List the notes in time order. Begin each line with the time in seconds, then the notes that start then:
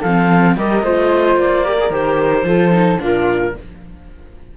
0.00 F3 C4 A4 F5
0.57 G3 G4 A#4 D#5
0.83 A3 F4 C5
1.36 A#3 D5
1.65 G4 A#4
1.80 G#4
1.90 D#3 G4 C5
2.43 F3 F4 A4
2.71 D#4
2.99 A#2 D4 F4 A#4